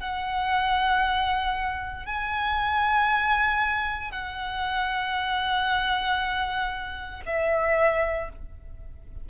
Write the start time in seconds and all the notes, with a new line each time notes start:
0.00 F#5
2.06 G#5
4.11 F#5
7.26 E5